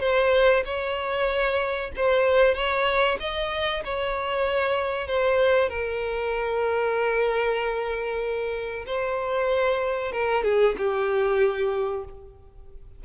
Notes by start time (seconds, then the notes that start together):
0.00 C5
0.65 C#5
1.96 C5
2.55 C#5
3.20 D#5
3.84 C#5
5.08 C5
5.69 A#4
8.86 C5
10.12 A#4
10.44 G#4
10.77 G4